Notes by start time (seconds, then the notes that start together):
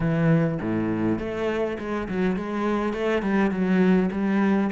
0.00 E3
0.61 A2
1.18 A3
1.78 G#3
2.08 F#3
2.36 G#3
2.93 A3
3.22 G3
3.51 F#3
4.11 G3